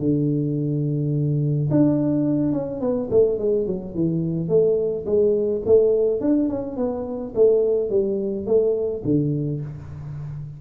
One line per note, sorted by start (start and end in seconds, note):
0.00 1.70 D3
1.71 2.53 D4
2.53 2.81 C#4
2.81 3.09 B3
3.11 3.39 A3
3.39 3.67 G#3
3.67 3.95 F#3
3.95 4.49 E3
4.49 5.06 A3
5.06 5.63 G#3
5.66 6.21 A3
6.21 6.49 D4
6.49 6.77 C#4
6.77 7.34 B3
7.36 7.90 A3
7.90 8.46 G3
8.46 9.03 A3
9.05 9.62 D3